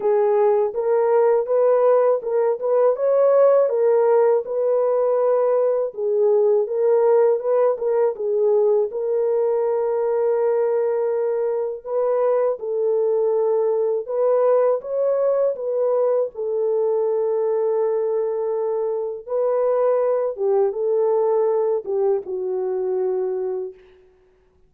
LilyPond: \new Staff \with { instrumentName = "horn" } { \time 4/4 \tempo 4 = 81 gis'4 ais'4 b'4 ais'8 b'8 | cis''4 ais'4 b'2 | gis'4 ais'4 b'8 ais'8 gis'4 | ais'1 |
b'4 a'2 b'4 | cis''4 b'4 a'2~ | a'2 b'4. g'8 | a'4. g'8 fis'2 | }